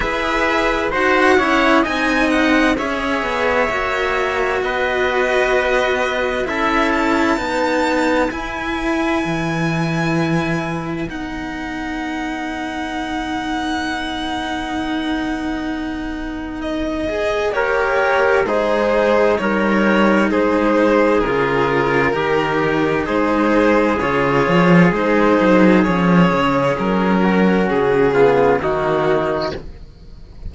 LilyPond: <<
  \new Staff \with { instrumentName = "violin" } { \time 4/4 \tempo 4 = 65 e''4 fis''4 gis''8 fis''8 e''4~ | e''4 dis''2 e''8 a''8~ | a''4 gis''2. | fis''1~ |
fis''2 dis''4 cis''4 | c''4 cis''4 c''4 ais'4~ | ais'4 c''4 cis''4 c''4 | cis''4 ais'4 gis'4 fis'4 | }
  \new Staff \with { instrumentName = "trumpet" } { \time 4/4 b'4 c''8 cis''8 dis''4 cis''4~ | cis''4 b'2 a'4 | b'1~ | b'1~ |
b'2. ais'4 | dis'4 ais'4 gis'2 | g'4 gis'2.~ | gis'4. fis'4 f'8 dis'4 | }
  \new Staff \with { instrumentName = "cello" } { \time 4/4 gis'4 fis'8 e'8 dis'4 gis'4 | fis'2. e'4 | b4 e'2. | dis'1~ |
dis'2~ dis'8 gis'8 g'4 | gis'4 dis'2 f'4 | dis'2 f'4 dis'4 | cis'2~ cis'8 b8 ais4 | }
  \new Staff \with { instrumentName = "cello" } { \time 4/4 e'4 dis'8 cis'8 c'4 cis'8 b8 | ais4 b2 cis'4 | dis'4 e'4 e2 | b1~ |
b2. ais4 | gis4 g4 gis4 cis4 | dis4 gis4 cis8 f8 gis8 fis8 | f8 cis8 fis4 cis4 dis4 | }
>>